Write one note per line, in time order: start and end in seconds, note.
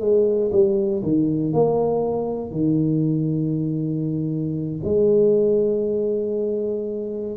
0.00 0.51 G#3
0.51 1.02 G3
1.03 1.53 D#3
1.53 2.51 A#3
2.51 4.80 D#3
4.84 7.37 G#3